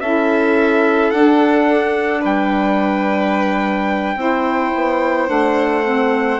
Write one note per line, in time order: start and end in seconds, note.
0.00 1.11 C#4
0.00 1.14 E4
0.00 2.21 A4
0.00 1.10 E5
1.10 2.24 D4
1.10 4.17 D4
1.10 2.22 F#5
2.21 4.16 G3
2.21 4.16 B4
2.21 5.30 G5
4.16 4.71 C4
4.16 5.28 E4
4.16 6.39 C5
4.75 5.29 B3
5.28 6.39 A3
5.28 5.83 D4
5.28 6.39 F#5
5.84 6.39 C4